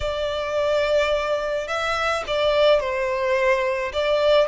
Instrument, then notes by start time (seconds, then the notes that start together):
violin
0.00 D5
1.67 E5
2.27 D5
2.80 C5
3.93 D5